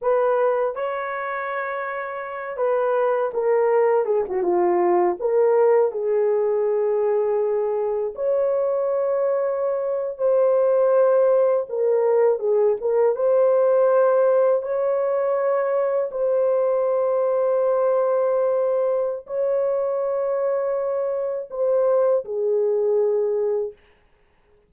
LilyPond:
\new Staff \with { instrumentName = "horn" } { \time 4/4 \tempo 4 = 81 b'4 cis''2~ cis''8 b'8~ | b'8 ais'4 gis'16 fis'16 f'4 ais'4 | gis'2. cis''4~ | cis''4.~ cis''16 c''2 ais'16~ |
ais'8. gis'8 ais'8 c''2 cis''16~ | cis''4.~ cis''16 c''2~ c''16~ | c''2 cis''2~ | cis''4 c''4 gis'2 | }